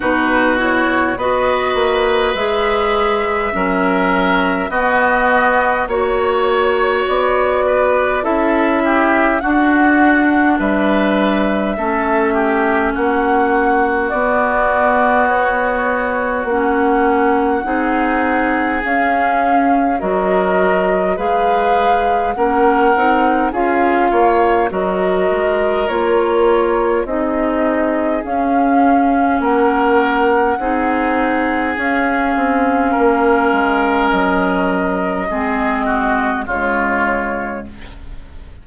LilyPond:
<<
  \new Staff \with { instrumentName = "flute" } { \time 4/4 \tempo 4 = 51 b'8 cis''8 dis''4 e''2 | dis''4 cis''4 d''4 e''4 | fis''4 e''2 fis''4 | d''4 cis''4 fis''2 |
f''4 dis''4 f''4 fis''4 | f''4 dis''4 cis''4 dis''4 | f''4 fis''2 f''4~ | f''4 dis''2 cis''4 | }
  \new Staff \with { instrumentName = "oboe" } { \time 4/4 fis'4 b'2 ais'4 | fis'4 cis''4. b'8 a'8 g'8 | fis'4 b'4 a'8 g'8 fis'4~ | fis'2. gis'4~ |
gis'4 ais'4 b'4 ais'4 | gis'8 cis''8 ais'2 gis'4~ | gis'4 ais'4 gis'2 | ais'2 gis'8 fis'8 f'4 | }
  \new Staff \with { instrumentName = "clarinet" } { \time 4/4 dis'8 e'8 fis'4 gis'4 cis'4 | b4 fis'2 e'4 | d'2 cis'2 | b2 cis'4 dis'4 |
cis'4 fis'4 gis'4 cis'8 dis'8 | f'4 fis'4 f'4 dis'4 | cis'2 dis'4 cis'4~ | cis'2 c'4 gis4 | }
  \new Staff \with { instrumentName = "bassoon" } { \time 4/4 b,4 b8 ais8 gis4 fis4 | b4 ais4 b4 cis'4 | d'4 g4 a4 ais4 | b2 ais4 c'4 |
cis'4 fis4 gis4 ais8 c'8 | cis'8 ais8 fis8 gis8 ais4 c'4 | cis'4 ais4 c'4 cis'8 c'8 | ais8 gis8 fis4 gis4 cis4 | }
>>